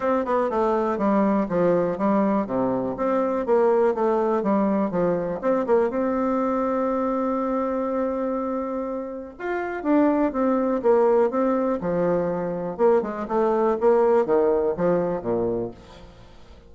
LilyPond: \new Staff \with { instrumentName = "bassoon" } { \time 4/4 \tempo 4 = 122 c'8 b8 a4 g4 f4 | g4 c4 c'4 ais4 | a4 g4 f4 c'8 ais8 | c'1~ |
c'2. f'4 | d'4 c'4 ais4 c'4 | f2 ais8 gis8 a4 | ais4 dis4 f4 ais,4 | }